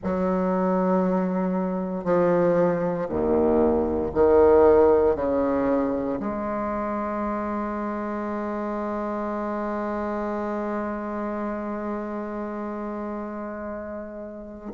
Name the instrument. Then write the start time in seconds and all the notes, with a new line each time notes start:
bassoon
0.03 F#3
2.04 F3
3.08 D#2
4.14 D#3
5.15 C#3
6.19 G#3